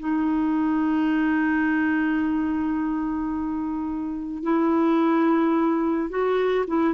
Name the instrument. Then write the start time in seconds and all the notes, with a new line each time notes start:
clarinet
0.00 D#4
4.43 E4
6.10 F#4
6.68 E4